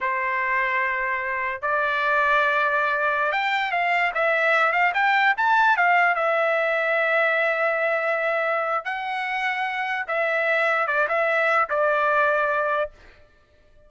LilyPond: \new Staff \with { instrumentName = "trumpet" } { \time 4/4 \tempo 4 = 149 c''1 | d''1~ | d''16 g''4 f''4 e''4. f''16~ | f''16 g''4 a''4 f''4 e''8.~ |
e''1~ | e''2 fis''2~ | fis''4 e''2 d''8 e''8~ | e''4 d''2. | }